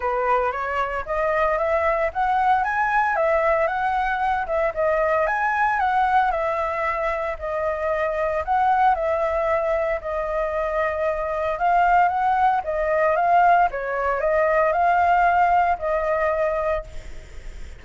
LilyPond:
\new Staff \with { instrumentName = "flute" } { \time 4/4 \tempo 4 = 114 b'4 cis''4 dis''4 e''4 | fis''4 gis''4 e''4 fis''4~ | fis''8 e''8 dis''4 gis''4 fis''4 | e''2 dis''2 |
fis''4 e''2 dis''4~ | dis''2 f''4 fis''4 | dis''4 f''4 cis''4 dis''4 | f''2 dis''2 | }